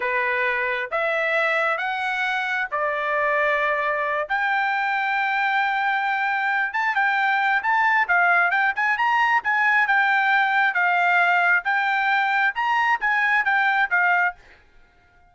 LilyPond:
\new Staff \with { instrumentName = "trumpet" } { \time 4/4 \tempo 4 = 134 b'2 e''2 | fis''2 d''2~ | d''4. g''2~ g''8~ | g''2. a''8 g''8~ |
g''4 a''4 f''4 g''8 gis''8 | ais''4 gis''4 g''2 | f''2 g''2 | ais''4 gis''4 g''4 f''4 | }